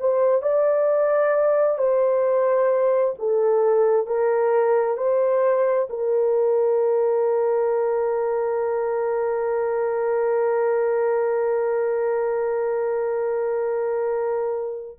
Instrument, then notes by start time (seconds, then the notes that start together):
horn
0.00 C5
0.42 D5
1.78 C5
3.19 A4
4.07 A#4
4.97 C5
5.90 A#4